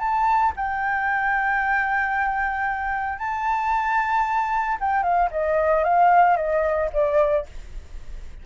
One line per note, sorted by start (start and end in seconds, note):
0.00 0.53 A5
0.57 3.19 G5
3.19 4.78 A5
4.81 5.03 G5
5.03 5.30 F5
5.32 5.84 D#5
5.84 6.37 F5
6.37 6.90 D#5
6.93 7.46 D5